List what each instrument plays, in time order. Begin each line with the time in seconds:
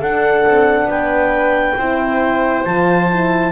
0.00 double bass D4, horn D4, viola A4, clarinet F#5
0.46 double bass C4
0.85 double bass B3, viola B4, clarinet G5
1.77 double bass C4, horn E4, viola C5
2.65 double bass F3, horn F4, clarinet A5
3.10 horn E4